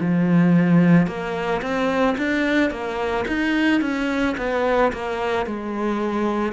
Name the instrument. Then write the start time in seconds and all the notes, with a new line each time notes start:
cello
0.00 F3
1.07 A#3
1.62 C4
2.18 D4
2.70 A#3
3.28 D#4
3.81 C#4
4.37 B3
4.92 A#3
5.46 G#3